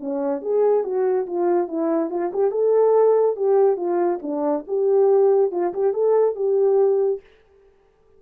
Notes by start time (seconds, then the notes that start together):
0.00 C#4
0.42 G#4
0.84 F#4
1.27 F4
1.68 E4
2.10 F4
2.33 G4
2.51 A4
3.37 G4
3.77 F4
4.22 D4
4.68 G4
5.52 F4
5.73 G4
5.93 A4
6.36 G4